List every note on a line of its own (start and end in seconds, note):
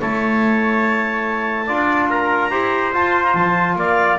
0.00 1.68 A3
0.00 1.68 E4
0.00 1.66 C#5
0.00 2.09 A5
1.66 2.51 D4
1.66 2.51 F4
1.66 2.08 D5
2.09 2.51 A#4
2.09 2.93 A#5
2.51 2.93 E4
2.51 2.93 G4
2.51 3.77 C5
2.93 3.34 F4
2.93 4.18 F4
2.93 3.24 A5
3.24 3.34 A#5
3.34 3.76 F3
3.34 3.76 A5
3.76 4.18 A#3
3.76 4.18 D5
3.76 4.18 F5